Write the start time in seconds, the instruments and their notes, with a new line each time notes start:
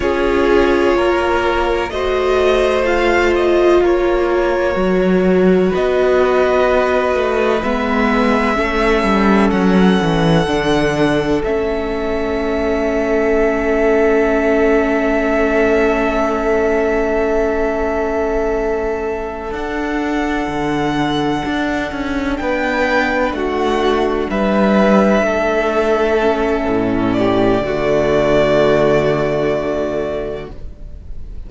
0.00 cello C#4, viola F4, violin G#4 C#5
0.95 cello A#3, violin A#4
1.89 cello A3, viola F#4, violin C5 D#5
2.84 viola F4, violin F5
3.35 violin D#5
3.81 cello A#3, violin A#4 C#5
4.74 cello F#3, viola F#4
5.69 violin B4 D#5
5.75 cello B3
7.13 cello A3
7.62 cello G#3, viola B3, violin E5
8.55 cello A3, viola C#4, violin A4
9.03 cello G3
9.50 cello F#3, violin F#5
10.01 cello E3
10.46 cello D3, viola D4
11.43 cello A3, viola C#4, violin E5
19.51 cello D4, viola D4, violin F#5
20.47 cello D3
21.45 cello D4
21.91 cello C#4
22.36 cello B3, violin B4 G5
23.32 cello A3, violin F#4 F#5
24.29 cello G3, violin B4 E5
25.21 cello A3, violin A4
26.20 viola C#4
26.67 cello A2
27.12 violin G4 D5
27.61 cello D3, viola A3, violin F#4